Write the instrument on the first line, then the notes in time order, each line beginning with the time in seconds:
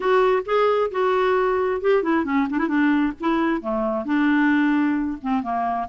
clarinet
0.00 F#4
0.45 G#4
0.91 F#4
1.81 G4
2.02 E4
2.25 C#4
2.49 D4
2.58 E4
2.67 D4
3.20 E4
3.61 A3
4.05 D4
5.21 C4
5.43 A#3